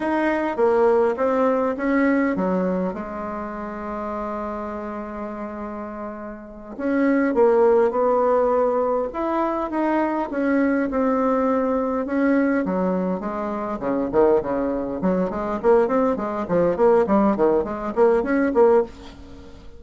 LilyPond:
\new Staff \with { instrumentName = "bassoon" } { \time 4/4 \tempo 4 = 102 dis'4 ais4 c'4 cis'4 | fis4 gis2.~ | gis2.~ gis8 cis'8~ | cis'8 ais4 b2 e'8~ |
e'8 dis'4 cis'4 c'4.~ | c'8 cis'4 fis4 gis4 cis8 | dis8 cis4 fis8 gis8 ais8 c'8 gis8 | f8 ais8 g8 dis8 gis8 ais8 cis'8 ais8 | }